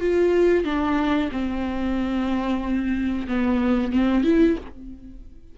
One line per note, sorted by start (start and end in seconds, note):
0.00 0.64 F4
0.64 1.30 D4
1.32 3.27 C4
3.28 3.92 B3
3.92 4.24 C4
4.24 4.57 E4